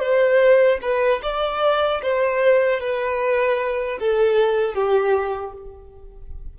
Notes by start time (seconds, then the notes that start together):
0.00 C5
0.82 B4
1.23 D5
2.03 C5
2.81 B4
4.00 A4
4.75 G4